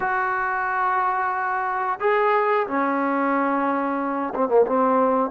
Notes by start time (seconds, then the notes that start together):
0.00 F#4
2.00 G#4
2.67 C#4
4.35 C4
4.48 A#3
4.66 C4